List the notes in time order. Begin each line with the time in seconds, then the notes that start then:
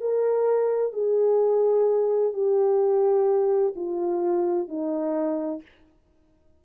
0.00 A#4
0.92 G#4
2.33 G4
3.75 F4
4.67 D#4